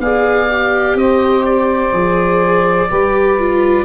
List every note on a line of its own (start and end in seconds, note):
0.00 0.95 B3
0.00 0.50 G#4
0.00 0.98 D5
0.00 0.98 F5
0.50 1.93 G4
0.95 1.92 C4
0.95 2.90 C5
0.95 1.45 D#5
1.45 3.85 D5
1.93 2.90 F3
1.93 2.90 G#4
2.90 3.85 G3
2.90 3.39 G4
2.90 3.85 B4
3.39 3.85 F4